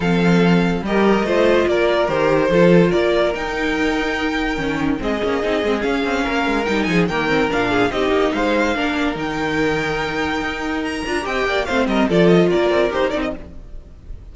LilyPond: <<
  \new Staff \with { instrumentName = "violin" } { \time 4/4 \tempo 4 = 144 f''2 dis''2 | d''4 c''2 d''4 | g''1 | dis''2 f''2 |
g''8 gis''8 g''4 f''4 dis''4 | f''2 g''2~ | g''2 ais''4 g''4 | f''8 dis''8 d''8 dis''8 d''4 c''8 d''16 dis''16 | }
  \new Staff \with { instrumentName = "violin" } { \time 4/4 a'2 ais'4 c''4 | ais'2 a'4 ais'4~ | ais'1 | gis'2. ais'4~ |
ais'8 gis'8 ais'4. gis'8 g'4 | c''4 ais'2.~ | ais'2. dis''8 d''8 | c''8 ais'8 a'4 ais'2 | }
  \new Staff \with { instrumentName = "viola" } { \time 4/4 c'2 g'4 f'4~ | f'4 g'4 f'2 | dis'2. cis'4 | c'8 cis'8 dis'8 c'8 cis'2 |
dis'4 ais8 c'8 d'4 dis'4~ | dis'4 d'4 dis'2~ | dis'2~ dis'8 f'8 g'4 | c'4 f'2 g'8 dis'8 | }
  \new Staff \with { instrumentName = "cello" } { \time 4/4 f2 g4 a4 | ais4 dis4 f4 ais4 | dis'2. dis4 | gis8 ais8 c'8 gis8 cis'8 c'8 ais8 gis8 |
g8 f8 dis4 ais,4 c'8 ais8 | gis4 ais4 dis2~ | dis4 dis'4. d'8 c'8 ais8 | a8 g8 f4 ais8 c'8 dis'8 c'8 | }
>>